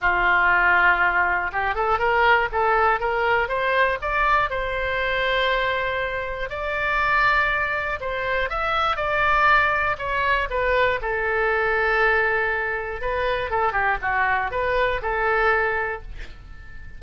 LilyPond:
\new Staff \with { instrumentName = "oboe" } { \time 4/4 \tempo 4 = 120 f'2. g'8 a'8 | ais'4 a'4 ais'4 c''4 | d''4 c''2.~ | c''4 d''2. |
c''4 e''4 d''2 | cis''4 b'4 a'2~ | a'2 b'4 a'8 g'8 | fis'4 b'4 a'2 | }